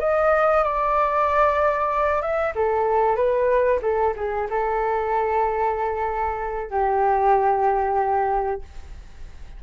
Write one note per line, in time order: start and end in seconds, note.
0.00 0.64 D#5
0.64 2.22 D5
2.22 2.54 E5
2.55 3.16 A4
3.16 3.80 B4
3.82 4.14 A4
4.16 4.48 G#4
4.50 6.71 A4
6.71 8.62 G4